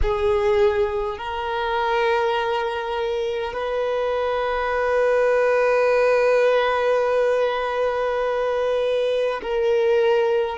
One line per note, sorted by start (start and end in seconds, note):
0.02 1.18 G#4
1.18 3.53 A#4
3.53 9.41 B4
9.42 10.58 A#4